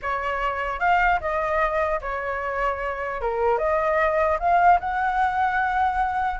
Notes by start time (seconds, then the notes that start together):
0.01 C#5
0.79 F5
1.20 D#5
2.01 C#5
3.21 A#4
3.58 D#5
4.39 F5
4.80 F#5